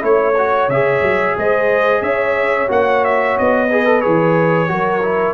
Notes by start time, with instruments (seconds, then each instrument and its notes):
0.00 tuba A3, trombone E4, horn C#5, trumpet C#5
0.38 trombone F#4
0.69 tuba C#3, trombone G#4, trumpet E5
1.02 tuba F#3
1.38 tuba G#3, horn C5, trumpet D#5
2.02 tuba C#4, horn C#5, trumpet E5
2.68 tuba A#3, trombone F#4, trumpet F#5
3.05 trumpet E5
3.38 tuba B3, trumpet D#5
3.69 trombone G#4, horn B4
3.86 trombone A4
4.02 tuba E3, trombone G#4, trumpet C#5
4.68 tuba F#3, trombone F#4, horn A#4
5.03 trombone E4